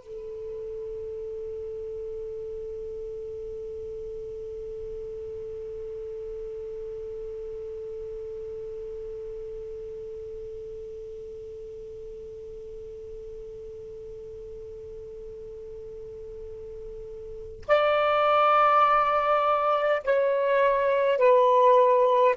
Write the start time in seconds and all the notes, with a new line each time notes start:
0.00 A4
17.68 D5
20.05 C#5
21.19 B4